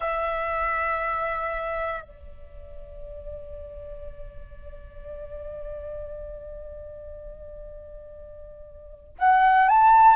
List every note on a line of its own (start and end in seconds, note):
0.00 2.02 E5
2.02 9.13 D5
9.18 9.68 F#5
9.68 10.16 A5